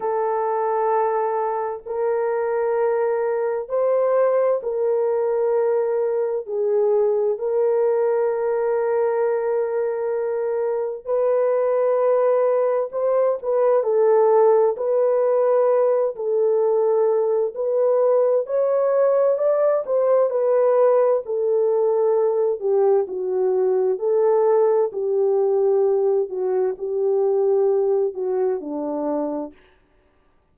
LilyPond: \new Staff \with { instrumentName = "horn" } { \time 4/4 \tempo 4 = 65 a'2 ais'2 | c''4 ais'2 gis'4 | ais'1 | b'2 c''8 b'8 a'4 |
b'4. a'4. b'4 | cis''4 d''8 c''8 b'4 a'4~ | a'8 g'8 fis'4 a'4 g'4~ | g'8 fis'8 g'4. fis'8 d'4 | }